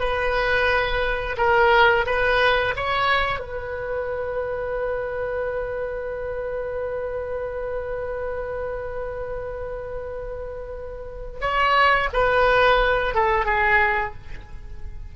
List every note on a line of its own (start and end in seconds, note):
0.00 1.36 B4
1.38 2.06 A#4
2.06 2.75 B4
2.76 3.39 C#5
3.39 11.40 B4
11.41 12.09 C#5
12.13 13.15 B4
13.15 13.46 A4
13.46 14.14 G#4